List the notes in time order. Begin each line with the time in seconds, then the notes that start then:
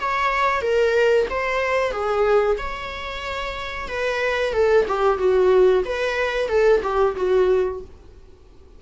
0.00 C#5
0.62 A#4
1.30 C5
1.92 G#4
2.58 C#5
3.89 B4
4.54 A4
4.88 G4
5.19 F#4
5.85 B4
6.49 A4
6.83 G4
7.16 F#4